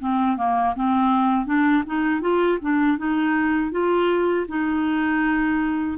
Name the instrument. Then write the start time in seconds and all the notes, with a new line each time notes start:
clarinet
0.00 C4
0.37 A#3
0.76 C4
1.46 D4
1.86 D#4
2.21 F4
2.61 D4
2.98 D#4
3.72 F4
4.49 D#4